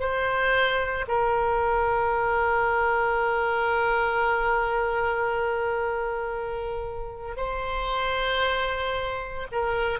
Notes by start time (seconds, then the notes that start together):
0.00 C5
1.08 A#4
7.37 C5
9.52 A#4